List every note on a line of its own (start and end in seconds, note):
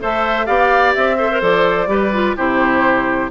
0.00 0.48 A3
0.00 0.46 A4
0.00 0.46 C5
0.00 0.46 E5
0.46 0.95 B3
0.46 1.17 G4
0.46 1.17 D5
0.46 0.93 F5
0.94 1.41 C4
0.94 1.41 E5
1.17 1.30 A4
1.17 1.88 C5
1.31 1.41 A#4
1.41 1.87 F3
1.41 1.87 A4
1.41 2.36 D5
1.87 2.34 G3
1.87 2.11 G4
1.87 2.36 B4
2.13 2.36 F4
2.36 3.30 C3
2.36 3.30 E4
2.36 3.30 G4
2.36 3.30 C5